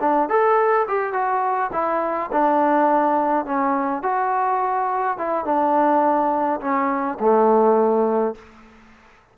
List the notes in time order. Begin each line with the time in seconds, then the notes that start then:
0.00 D4
0.29 A4
0.88 G4
1.13 F#4
1.72 E4
2.32 D4
3.45 C#4
4.03 F#4
5.18 E4
5.45 D4
6.61 C#4
7.20 A3